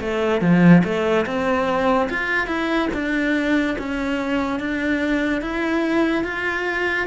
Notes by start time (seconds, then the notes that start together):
0.00 A3
0.41 F3
0.84 A3
1.25 C4
2.09 F4
2.47 E4
2.93 D4
3.78 C#4
4.59 D4
5.41 E4
6.23 F4